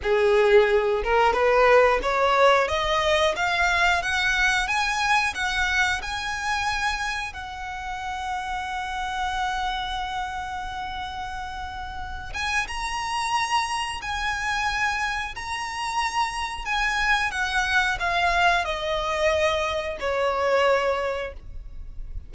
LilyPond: \new Staff \with { instrumentName = "violin" } { \time 4/4 \tempo 4 = 90 gis'4. ais'8 b'4 cis''4 | dis''4 f''4 fis''4 gis''4 | fis''4 gis''2 fis''4~ | fis''1~ |
fis''2~ fis''8 gis''8 ais''4~ | ais''4 gis''2 ais''4~ | ais''4 gis''4 fis''4 f''4 | dis''2 cis''2 | }